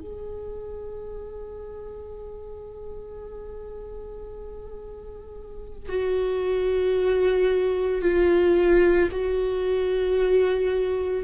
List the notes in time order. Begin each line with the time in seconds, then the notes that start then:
0.00 G#4
5.88 F#4
8.01 F4
9.11 F#4